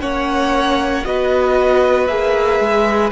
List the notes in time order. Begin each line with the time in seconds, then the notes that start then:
0.00 A#3 C#4 C#5 F#5
1.05 B3 F#4 B4 D#5
2.07 A#3 G#4 E5
2.60 G#3